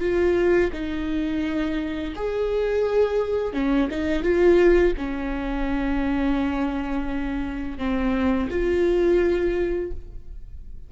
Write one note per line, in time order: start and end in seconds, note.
0.00 0.71 F4
0.73 2.14 D#4
2.16 3.53 G#4
3.53 3.89 C#4
3.90 4.23 D#4
4.23 4.93 F4
4.97 7.78 C#4
7.78 8.49 C4
8.50 9.91 F4